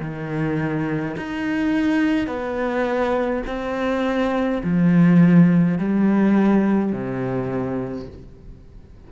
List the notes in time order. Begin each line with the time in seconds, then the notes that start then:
0.00 D#3
1.17 D#4
2.27 B3
3.46 C4
4.64 F3
5.78 G3
6.92 C3